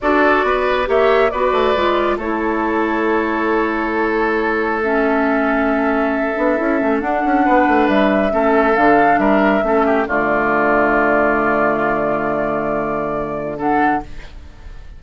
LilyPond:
<<
  \new Staff \with { instrumentName = "flute" } { \time 4/4 \tempo 4 = 137 d''2 e''4 d''4~ | d''4 cis''2.~ | cis''2. e''4~ | e''1 |
fis''2 e''2 | f''4 e''2 d''4~ | d''1~ | d''2. fis''4 | }
  \new Staff \with { instrumentName = "oboe" } { \time 4/4 a'4 b'4 cis''4 b'4~ | b'4 a'2.~ | a'1~ | a'1~ |
a'4 b'2 a'4~ | a'4 ais'4 a'8 g'8 f'4~ | f'1~ | f'2. a'4 | }
  \new Staff \with { instrumentName = "clarinet" } { \time 4/4 fis'2 g'4 fis'4 | f'4 e'2.~ | e'2. cis'4~ | cis'2~ cis'8 d'8 e'8 cis'8 |
d'2. cis'4 | d'2 cis'4 a4~ | a1~ | a2. d'4 | }
  \new Staff \with { instrumentName = "bassoon" } { \time 4/4 d'4 b4 ais4 b8 a8 | gis4 a2.~ | a1~ | a2~ a8 b8 cis'8 a8 |
d'8 cis'8 b8 a8 g4 a4 | d4 g4 a4 d4~ | d1~ | d1 | }
>>